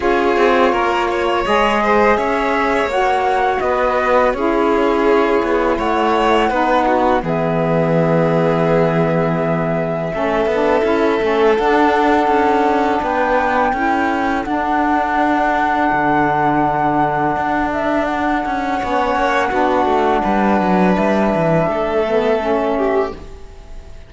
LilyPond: <<
  \new Staff \with { instrumentName = "flute" } { \time 4/4 \tempo 4 = 83 cis''2 dis''4 e''4 | fis''4 dis''4 cis''2 | fis''2 e''2~ | e''1 |
fis''2 g''2 | fis''1~ | fis''8 e''8 fis''2.~ | fis''4 e''2. | }
  \new Staff \with { instrumentName = "violin" } { \time 4/4 gis'4 ais'8 cis''4 c''8 cis''4~ | cis''4 b'4 gis'2 | cis''4 b'8 fis'8 gis'2~ | gis'2 a'2~ |
a'2 b'4 a'4~ | a'1~ | a'2 cis''4 fis'4 | b'2 a'4. g'8 | }
  \new Staff \with { instrumentName = "saxophone" } { \time 4/4 f'2 gis'2 | fis'2 e'2~ | e'4 dis'4 b2~ | b2 cis'8 d'8 e'8 cis'8 |
d'2. e'4 | d'1~ | d'2 cis'4 d'4~ | d'2~ d'8 b8 cis'4 | }
  \new Staff \with { instrumentName = "cello" } { \time 4/4 cis'8 c'8 ais4 gis4 cis'4 | ais4 b4 cis'4. b8 | a4 b4 e2~ | e2 a8 b8 cis'8 a8 |
d'4 cis'4 b4 cis'4 | d'2 d2 | d'4. cis'8 b8 ais8 b8 a8 | g8 fis8 g8 e8 a2 | }
>>